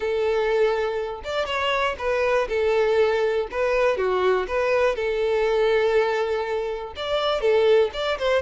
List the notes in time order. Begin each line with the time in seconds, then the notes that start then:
0.00 A4
1.24 D5
1.46 C#5
1.98 B4
2.48 A4
3.51 B4
3.97 F#4
4.47 B4
4.95 A4
6.96 D5
7.40 A4
7.93 D5
8.18 C5